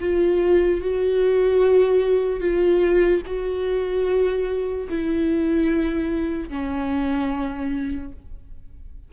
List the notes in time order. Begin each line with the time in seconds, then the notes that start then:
0.00 F4
0.81 F#4
2.40 F4
3.26 F#4
4.89 E4
6.49 C#4